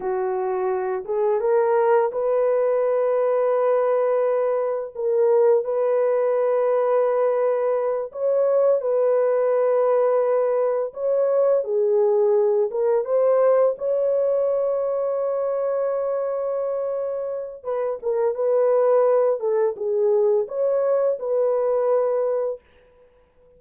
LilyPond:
\new Staff \with { instrumentName = "horn" } { \time 4/4 \tempo 4 = 85 fis'4. gis'8 ais'4 b'4~ | b'2. ais'4 | b'2.~ b'8 cis''8~ | cis''8 b'2. cis''8~ |
cis''8 gis'4. ais'8 c''4 cis''8~ | cis''1~ | cis''4 b'8 ais'8 b'4. a'8 | gis'4 cis''4 b'2 | }